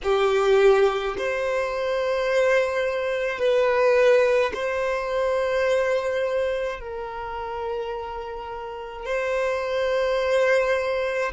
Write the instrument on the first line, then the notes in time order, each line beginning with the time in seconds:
violin
0.03 G4
1.17 C5
3.38 B4
4.53 C5
6.79 A#4
9.05 C5